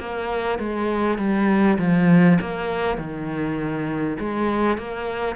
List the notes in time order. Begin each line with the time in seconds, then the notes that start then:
0.00 A#3
0.59 G#3
1.18 G3
1.79 F3
2.42 A#3
2.98 D#3
4.19 G#3
4.78 A#3